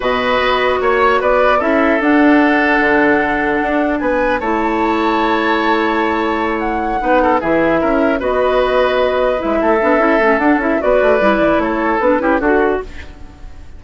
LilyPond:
<<
  \new Staff \with { instrumentName = "flute" } { \time 4/4 \tempo 4 = 150 dis''2 cis''4 d''4 | e''4 fis''2.~ | fis''2 gis''4 a''4~ | a''1~ |
a''8 fis''2 e''4.~ | e''8 dis''2. e''8~ | e''2 fis''8 e''8 d''4~ | d''4 cis''4 b'4 a'4 | }
  \new Staff \with { instrumentName = "oboe" } { \time 4/4 b'2 cis''4 b'4 | a'1~ | a'2 b'4 cis''4~ | cis''1~ |
cis''4. b'8 a'8 gis'4 ais'8~ | ais'8 b'2.~ b'8 | a'2. b'4~ | b'4 a'4. g'8 fis'4 | }
  \new Staff \with { instrumentName = "clarinet" } { \time 4/4 fis'1 | e'4 d'2.~ | d'2. e'4~ | e'1~ |
e'4. dis'4 e'4.~ | e'8 fis'2. e'8~ | e'8 d'8 e'8 cis'8 d'8 e'8 fis'4 | e'2 d'8 e'8 fis'4 | }
  \new Staff \with { instrumentName = "bassoon" } { \time 4/4 b,4 b4 ais4 b4 | cis'4 d'2 d4~ | d4 d'4 b4 a4~ | a1~ |
a4. b4 e4 cis'8~ | cis'8 b2. gis8 | a8 b8 cis'8 a8 d'8 cis'8 b8 a8 | g8 e8 a4 b8 cis'8 d'4 | }
>>